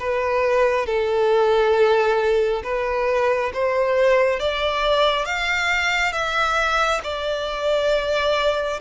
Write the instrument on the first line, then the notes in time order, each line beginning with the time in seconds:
violin
0.00 B4
0.86 A4
2.64 B4
3.53 C5
4.40 D5
5.25 F5
6.12 E5
7.03 D5